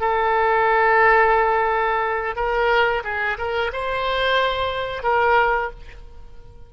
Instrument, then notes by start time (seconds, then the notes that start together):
oboe
0.00 A4
2.35 A#4
3.03 G#4
3.38 A#4
3.72 C5
5.03 A#4